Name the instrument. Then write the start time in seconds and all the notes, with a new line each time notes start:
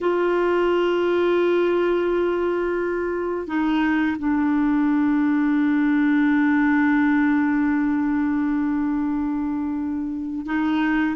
clarinet
0.00 F4
3.47 D#4
4.18 D4
10.46 D#4